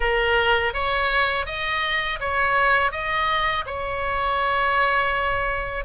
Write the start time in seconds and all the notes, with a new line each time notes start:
0.00 A#4
0.73 C#5
1.46 D#5
2.20 C#5
2.91 D#5
3.66 C#5